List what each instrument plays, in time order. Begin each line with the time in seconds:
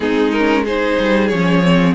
0.00 cello G#3, viola C4, violin D#4 G#4
0.31 violin A#4
0.38 viola C#4
0.63 viola D#4, violin G#4 C5
0.99 cello G3
1.28 cello F3, viola C#4, violin C#5
1.63 viola C4